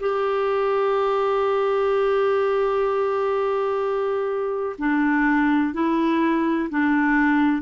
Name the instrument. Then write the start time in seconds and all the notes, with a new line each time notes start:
clarinet
0.00 G4
4.79 D4
5.74 E4
6.70 D4